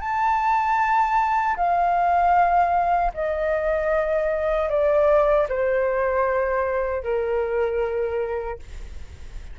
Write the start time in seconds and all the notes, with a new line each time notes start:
0.00 A5
1.56 F5
3.13 D#5
4.69 D5
5.48 C5
7.03 A#4